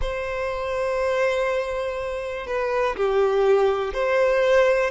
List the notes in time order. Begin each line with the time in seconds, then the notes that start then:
0.01 C5
2.46 B4
2.96 G4
3.93 C5